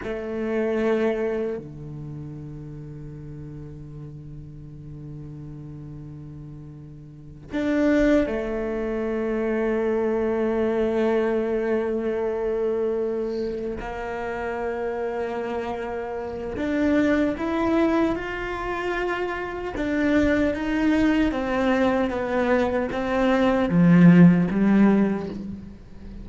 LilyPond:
\new Staff \with { instrumentName = "cello" } { \time 4/4 \tempo 4 = 76 a2 d2~ | d1~ | d4. d'4 a4.~ | a1~ |
a4. ais2~ ais8~ | ais4 d'4 e'4 f'4~ | f'4 d'4 dis'4 c'4 | b4 c'4 f4 g4 | }